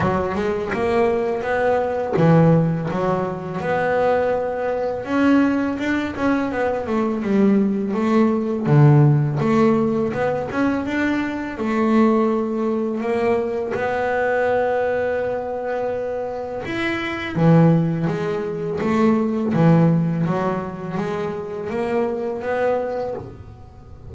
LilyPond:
\new Staff \with { instrumentName = "double bass" } { \time 4/4 \tempo 4 = 83 fis8 gis8 ais4 b4 e4 | fis4 b2 cis'4 | d'8 cis'8 b8 a8 g4 a4 | d4 a4 b8 cis'8 d'4 |
a2 ais4 b4~ | b2. e'4 | e4 gis4 a4 e4 | fis4 gis4 ais4 b4 | }